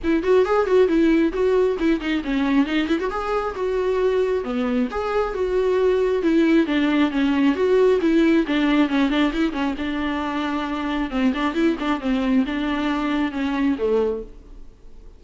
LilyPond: \new Staff \with { instrumentName = "viola" } { \time 4/4 \tempo 4 = 135 e'8 fis'8 gis'8 fis'8 e'4 fis'4 | e'8 dis'8 cis'4 dis'8 e'16 fis'16 gis'4 | fis'2 b4 gis'4 | fis'2 e'4 d'4 |
cis'4 fis'4 e'4 d'4 | cis'8 d'8 e'8 cis'8 d'2~ | d'4 c'8 d'8 e'8 d'8 c'4 | d'2 cis'4 a4 | }